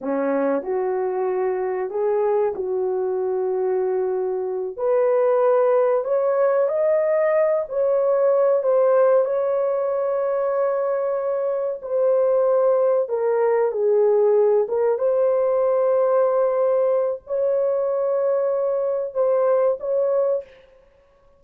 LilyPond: \new Staff \with { instrumentName = "horn" } { \time 4/4 \tempo 4 = 94 cis'4 fis'2 gis'4 | fis'2.~ fis'8 b'8~ | b'4. cis''4 dis''4. | cis''4. c''4 cis''4.~ |
cis''2~ cis''8 c''4.~ | c''8 ais'4 gis'4. ais'8 c''8~ | c''2. cis''4~ | cis''2 c''4 cis''4 | }